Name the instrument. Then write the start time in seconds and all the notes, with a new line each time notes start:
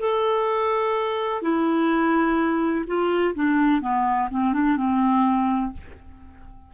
clarinet
0.00 A4
1.42 E4
2.87 F4
3.35 D4
3.82 B3
4.31 C4
4.54 D4
4.77 C4